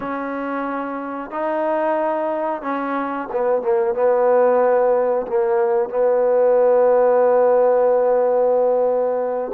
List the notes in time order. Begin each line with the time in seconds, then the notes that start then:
0.00 C#4
1.30 D#4
2.62 C#4
3.31 B3
3.61 A#3
3.94 B3
5.27 A#3
5.89 B3